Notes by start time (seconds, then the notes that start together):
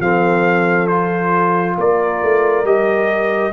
0.00 F3 C4 A4 F5
0.87 F4 C5
1.77 A#3 A#4 D5
2.22 A3
2.64 G3 G4 D#5